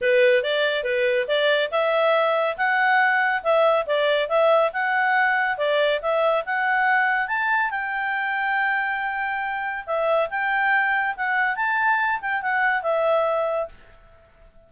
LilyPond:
\new Staff \with { instrumentName = "clarinet" } { \time 4/4 \tempo 4 = 140 b'4 d''4 b'4 d''4 | e''2 fis''2 | e''4 d''4 e''4 fis''4~ | fis''4 d''4 e''4 fis''4~ |
fis''4 a''4 g''2~ | g''2. e''4 | g''2 fis''4 a''4~ | a''8 g''8 fis''4 e''2 | }